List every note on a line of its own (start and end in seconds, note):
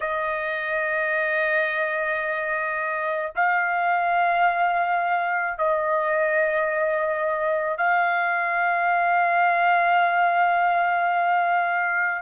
0.00 3.32 D#5
3.35 5.58 F5
5.58 7.77 D#5
7.77 12.22 F5